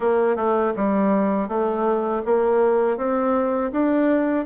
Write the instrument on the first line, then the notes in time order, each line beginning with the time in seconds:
bassoon
0.00 A#3
0.36 A3
0.76 G3
1.48 A3
2.25 A#3
2.97 C4
3.72 D4